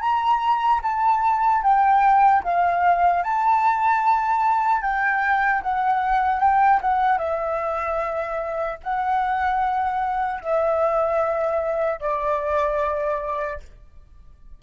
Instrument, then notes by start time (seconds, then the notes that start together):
flute
0.00 A#5
0.83 A5
1.62 G5
2.43 F5
3.23 A5
4.81 G5
5.62 F#5
6.40 G5
6.81 F#5
7.18 E5
8.83 F#5
10.40 E5
11.99 D5